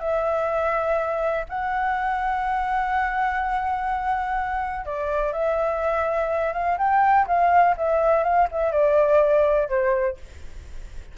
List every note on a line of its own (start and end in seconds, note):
0.00 1.45 E5
1.49 4.86 F#5
4.86 5.33 D5
5.33 6.53 E5
6.53 6.77 F5
6.78 7.26 G5
7.27 7.76 F5
7.77 8.24 E5
8.24 8.48 F5
8.52 8.72 E5
8.72 9.69 D5
9.69 10.17 C5